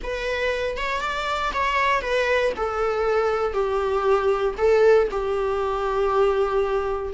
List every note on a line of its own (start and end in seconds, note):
0.03 0.77 B4
0.77 1.00 C#5
1.00 1.51 D5
1.53 2.01 C#5
2.01 2.52 B4
2.56 3.53 A4
3.53 4.54 G4
4.57 5.08 A4
5.10 7.13 G4